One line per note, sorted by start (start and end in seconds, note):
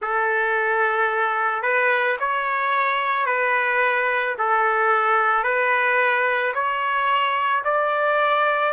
0.01 1.62 A4
1.62 2.17 B4
2.19 3.26 C#5
3.26 4.35 B4
4.38 5.43 A4
5.43 6.52 B4
6.54 7.63 C#5
7.64 8.73 D5